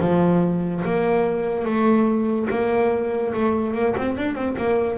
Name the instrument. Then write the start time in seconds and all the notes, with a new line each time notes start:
double bass
0.00 F3
0.84 A#3
1.65 A3
2.50 A#3
3.34 A3
3.74 A#3
3.97 C4
4.17 D4
4.35 C4
4.58 A#3